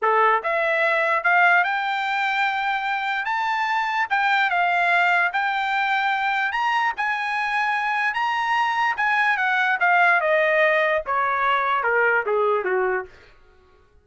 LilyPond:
\new Staff \with { instrumentName = "trumpet" } { \time 4/4 \tempo 4 = 147 a'4 e''2 f''4 | g''1 | a''2 g''4 f''4~ | f''4 g''2. |
ais''4 gis''2. | ais''2 gis''4 fis''4 | f''4 dis''2 cis''4~ | cis''4 ais'4 gis'4 fis'4 | }